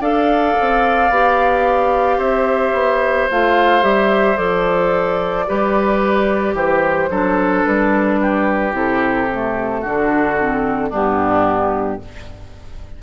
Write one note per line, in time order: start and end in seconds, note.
0.00 0.55 D4
0.00 1.10 A4
0.00 2.18 D5
0.00 2.20 F5
0.60 1.10 C4
1.10 2.18 B3
1.10 3.30 G4
2.18 2.72 C4
2.18 5.45 C5
2.18 3.29 E5
2.73 3.27 B3
3.31 3.83 A3
3.31 3.82 F4
3.31 3.83 F5
3.82 4.37 G3
3.82 4.36 G4
3.82 4.37 E5
4.37 5.47 F3
4.37 5.46 A4
4.37 6.55 D5
5.47 6.54 G3
5.47 7.10 G4
5.47 6.55 B4
6.54 7.08 E3
6.54 7.09 G4
6.54 7.64 C5
7.10 7.65 F#3
7.10 8.72 D4
7.10 8.20 A4
7.64 8.73 G3
7.64 8.73 B4
8.21 9.81 G4
8.72 9.82 C3
8.72 9.27 E4
8.72 10.93 A4
9.31 9.86 A3
9.81 10.91 D3
9.81 10.40 D4
9.81 10.89 F#4
10.40 10.90 C4
10.89 12.00 G2
10.89 12.00 B3
10.89 11.98 D4
10.89 12.02 G4